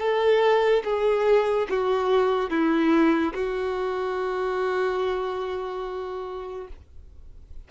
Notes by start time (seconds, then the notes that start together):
0.00 A4
0.84 G#4
1.70 F#4
2.50 E4
3.34 F#4